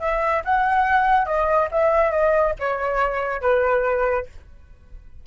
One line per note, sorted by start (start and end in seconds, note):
0.00 0.43 E5
0.45 1.26 F#5
1.26 1.68 D#5
1.71 2.11 E5
2.11 2.54 D#5
2.59 3.41 C#5
3.41 4.26 B4